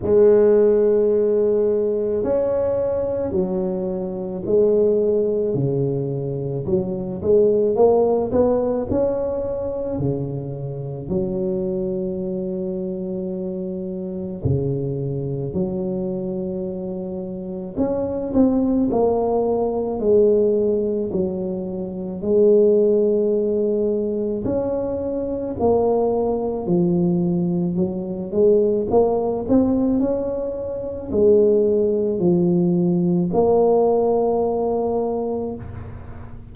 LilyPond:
\new Staff \with { instrumentName = "tuba" } { \time 4/4 \tempo 4 = 54 gis2 cis'4 fis4 | gis4 cis4 fis8 gis8 ais8 b8 | cis'4 cis4 fis2~ | fis4 cis4 fis2 |
cis'8 c'8 ais4 gis4 fis4 | gis2 cis'4 ais4 | f4 fis8 gis8 ais8 c'8 cis'4 | gis4 f4 ais2 | }